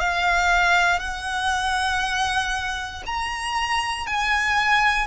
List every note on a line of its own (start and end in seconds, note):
0.00 1.00 F5
1.00 3.03 F#5
3.06 4.07 A#5
4.07 5.07 G#5